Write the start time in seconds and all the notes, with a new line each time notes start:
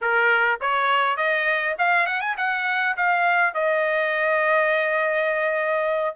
0.01 A#4
0.60 C#5
1.16 D#5
1.78 F5
2.06 F#5
2.20 G#5
2.37 F#5
2.97 F5
3.54 D#5